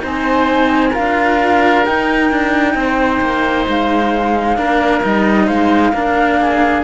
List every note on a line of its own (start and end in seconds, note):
0.00 0.95 C4
0.00 0.91 D#4
0.00 0.91 C5
0.00 0.95 G#5
0.91 1.85 F4
0.91 2.73 A#4
0.91 1.85 F5
0.99 1.87 D4
1.85 2.31 D#4
1.85 4.57 D#4
1.85 3.67 G5
2.31 2.75 D4
2.75 3.20 C4
2.75 4.59 C5
3.21 3.67 A#3
3.68 4.58 G#3
3.68 5.06 F5
4.57 5.04 A#3
4.57 5.02 D4
4.57 5.46 A#4
5.03 5.49 G3
5.03 5.94 D#4
5.03 5.48 D#5
5.46 5.93 G#3
5.46 5.91 C5
5.46 6.84 F5
5.93 6.84 A#3
5.93 6.85 D4
5.93 6.40 A#4
6.41 6.85 G#4